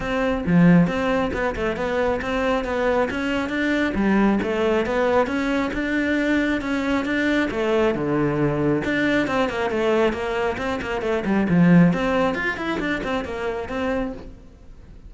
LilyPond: \new Staff \with { instrumentName = "cello" } { \time 4/4 \tempo 4 = 136 c'4 f4 c'4 b8 a8 | b4 c'4 b4 cis'4 | d'4 g4 a4 b4 | cis'4 d'2 cis'4 |
d'4 a4 d2 | d'4 c'8 ais8 a4 ais4 | c'8 ais8 a8 g8 f4 c'4 | f'8 e'8 d'8 c'8 ais4 c'4 | }